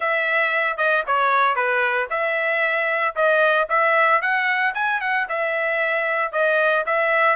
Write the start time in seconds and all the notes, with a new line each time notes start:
0.00 E5
0.77 D#5
1.06 C#5
1.55 B4
2.10 E5
3.15 D#5
3.69 E5
4.21 F#5
4.74 G#5
5.00 F#5
5.28 E5
6.32 D#5
6.86 E5